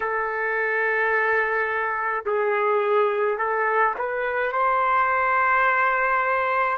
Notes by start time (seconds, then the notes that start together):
0.00 A4
2.25 G#4
3.38 A4
3.98 B4
4.52 C5